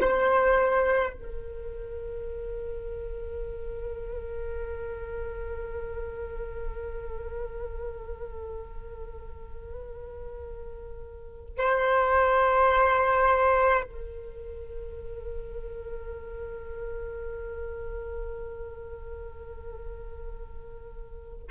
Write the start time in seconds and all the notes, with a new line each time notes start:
0.00 C5
1.13 A#4
11.58 C5
13.83 A#4